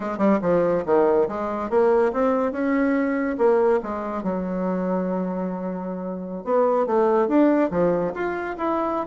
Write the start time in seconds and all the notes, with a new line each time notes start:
0.00 G#3
0.18 G3
0.41 F3
0.85 D#3
1.28 G#3
1.69 A#3
2.12 C4
2.52 C#4
3.37 A#3
3.82 G#3
4.23 F#3
6.44 B3
6.86 A3
7.28 D4
7.71 F3
8.14 F4
8.57 E4